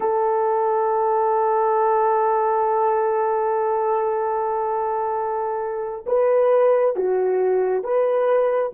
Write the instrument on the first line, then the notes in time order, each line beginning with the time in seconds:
horn
0.00 A4
6.06 B4
6.96 F#4
7.83 B4